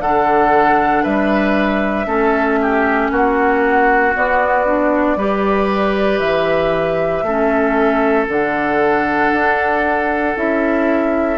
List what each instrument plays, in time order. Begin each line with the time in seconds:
0.00 bassoon D3, clarinet D4, oboe A4, flute F#5
1.03 bassoon G3, oboe B4, flute E5
2.05 bassoon A3, clarinet C#4, oboe A4
2.62 oboe G4
3.10 bassoon A#3, oboe F#4, flute F#5
4.14 clarinet B3, bassoon B3, flute D5
4.65 clarinet D4
5.16 bassoon G3, clarinet G4, oboe B4
6.18 bassoon E3, flute E5
7.22 bassoon A3, clarinet C#4, oboe A4
8.27 bassoon D3, clarinet D4, flute F#5
9.32 bassoon D4
10.36 bassoon C#4, clarinet E4, flute E5